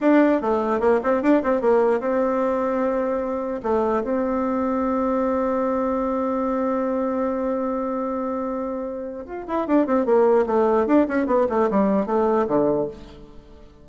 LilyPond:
\new Staff \with { instrumentName = "bassoon" } { \time 4/4 \tempo 4 = 149 d'4 a4 ais8 c'8 d'8 c'8 | ais4 c'2.~ | c'4 a4 c'2~ | c'1~ |
c'1~ | c'2. f'8 e'8 | d'8 c'8 ais4 a4 d'8 cis'8 | b8 a8 g4 a4 d4 | }